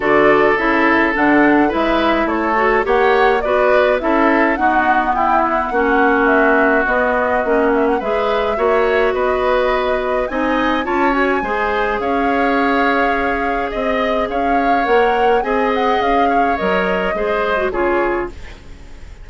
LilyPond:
<<
  \new Staff \with { instrumentName = "flute" } { \time 4/4 \tempo 4 = 105 d''4 e''4 fis''4 e''4 | cis''4 fis''4 d''4 e''4 | fis''4 g''8 fis''4. e''4 | dis''4. e''16 fis''16 e''2 |
dis''2 gis''4 a''8 gis''8~ | gis''4 f''2. | dis''4 f''4 fis''4 gis''8 fis''8 | f''4 dis''2 cis''4 | }
  \new Staff \with { instrumentName = "oboe" } { \time 4/4 a'2. b'4 | a'4 cis''4 b'4 a'4 | fis'4 e'4 fis'2~ | fis'2 b'4 cis''4 |
b'2 dis''4 cis''4 | c''4 cis''2. | dis''4 cis''2 dis''4~ | dis''8 cis''4. c''4 gis'4 | }
  \new Staff \with { instrumentName = "clarinet" } { \time 4/4 fis'4 e'4 d'4 e'4~ | e'8 fis'8 g'4 fis'4 e'4 | b2 cis'2 | b4 cis'4 gis'4 fis'4~ |
fis'2 dis'4 f'8 fis'8 | gis'1~ | gis'2 ais'4 gis'4~ | gis'4 ais'4 gis'8. fis'16 f'4 | }
  \new Staff \with { instrumentName = "bassoon" } { \time 4/4 d4 cis4 d4 gis4 | a4 ais4 b4 cis'4 | dis'4 e'4 ais2 | b4 ais4 gis4 ais4 |
b2 c'4 cis'4 | gis4 cis'2. | c'4 cis'4 ais4 c'4 | cis'4 fis4 gis4 cis4 | }
>>